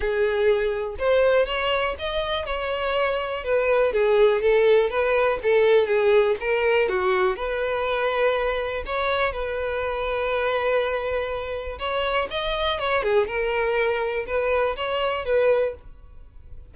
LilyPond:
\new Staff \with { instrumentName = "violin" } { \time 4/4 \tempo 4 = 122 gis'2 c''4 cis''4 | dis''4 cis''2 b'4 | gis'4 a'4 b'4 a'4 | gis'4 ais'4 fis'4 b'4~ |
b'2 cis''4 b'4~ | b'1 | cis''4 dis''4 cis''8 gis'8 ais'4~ | ais'4 b'4 cis''4 b'4 | }